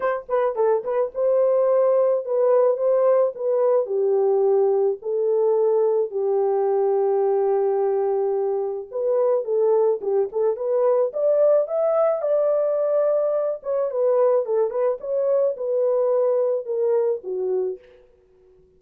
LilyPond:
\new Staff \with { instrumentName = "horn" } { \time 4/4 \tempo 4 = 108 c''8 b'8 a'8 b'8 c''2 | b'4 c''4 b'4 g'4~ | g'4 a'2 g'4~ | g'1 |
b'4 a'4 g'8 a'8 b'4 | d''4 e''4 d''2~ | d''8 cis''8 b'4 a'8 b'8 cis''4 | b'2 ais'4 fis'4 | }